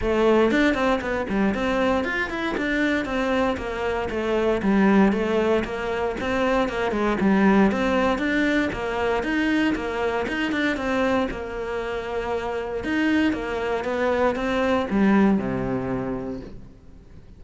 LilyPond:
\new Staff \with { instrumentName = "cello" } { \time 4/4 \tempo 4 = 117 a4 d'8 c'8 b8 g8 c'4 | f'8 e'8 d'4 c'4 ais4 | a4 g4 a4 ais4 | c'4 ais8 gis8 g4 c'4 |
d'4 ais4 dis'4 ais4 | dis'8 d'8 c'4 ais2~ | ais4 dis'4 ais4 b4 | c'4 g4 c2 | }